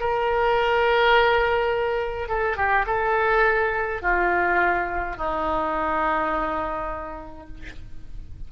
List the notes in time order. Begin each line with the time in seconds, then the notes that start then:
0.00 A#4
2.28 A4
2.56 G4
2.86 A4
4.02 F4
5.17 D#4